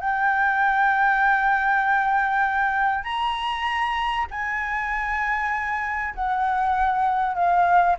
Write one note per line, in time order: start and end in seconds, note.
0.00 3.04 G5
3.04 4.26 A#5
4.31 6.14 G#5
6.15 7.35 F#5
7.35 7.96 F5